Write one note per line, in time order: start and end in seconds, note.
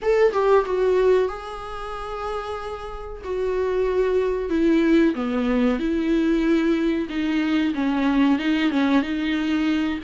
0.02 0.32 A4
0.32 0.65 G4
0.65 1.28 F#4
1.28 3.22 G#4
3.24 4.49 F#4
4.49 5.14 E4
5.14 5.79 B3
5.79 7.08 E4
7.09 7.73 D#4
7.74 8.38 C#4
8.38 8.70 D#4
8.70 9.02 C#4
9.02 9.99 D#4